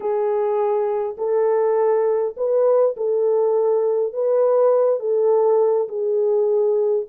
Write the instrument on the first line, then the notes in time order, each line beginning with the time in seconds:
horn
0.00 G#4
1.17 A4
2.36 B4
2.97 A4
4.13 B4
4.99 A4
5.88 G#4